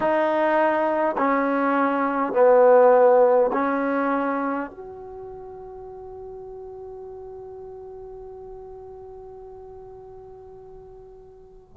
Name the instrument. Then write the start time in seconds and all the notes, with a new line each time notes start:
trombone
0.00 D#4
1.17 C#4
2.33 B3
3.52 C#4
4.70 F#4